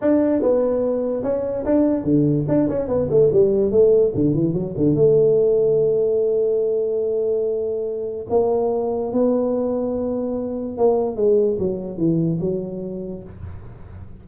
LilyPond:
\new Staff \with { instrumentName = "tuba" } { \time 4/4 \tempo 4 = 145 d'4 b2 cis'4 | d'4 d4 d'8 cis'8 b8 a8 | g4 a4 d8 e8 fis8 d8 | a1~ |
a1 | ais2 b2~ | b2 ais4 gis4 | fis4 e4 fis2 | }